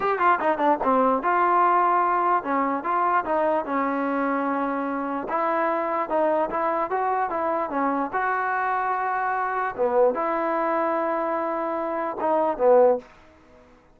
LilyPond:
\new Staff \with { instrumentName = "trombone" } { \time 4/4 \tempo 4 = 148 g'8 f'8 dis'8 d'8 c'4 f'4~ | f'2 cis'4 f'4 | dis'4 cis'2.~ | cis'4 e'2 dis'4 |
e'4 fis'4 e'4 cis'4 | fis'1 | b4 e'2.~ | e'2 dis'4 b4 | }